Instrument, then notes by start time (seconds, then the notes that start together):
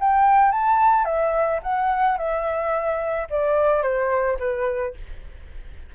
flute
0.00 G5
0.52 A5
1.05 E5
1.63 F#5
2.18 E5
3.30 D5
3.82 C5
4.39 B4